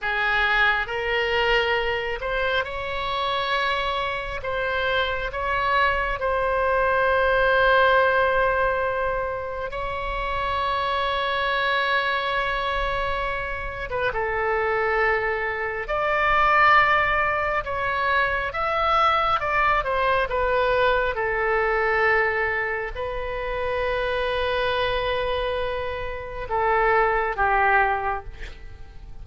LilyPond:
\new Staff \with { instrumentName = "oboe" } { \time 4/4 \tempo 4 = 68 gis'4 ais'4. c''8 cis''4~ | cis''4 c''4 cis''4 c''4~ | c''2. cis''4~ | cis''2.~ cis''8. b'16 |
a'2 d''2 | cis''4 e''4 d''8 c''8 b'4 | a'2 b'2~ | b'2 a'4 g'4 | }